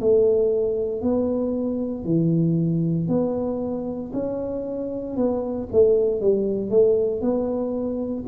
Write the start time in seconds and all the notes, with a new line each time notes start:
0.00 A3
1.01 B3
2.04 E3
3.08 B3
4.13 C#4
5.16 B3
5.72 A3
6.20 G3
6.70 A3
7.21 B3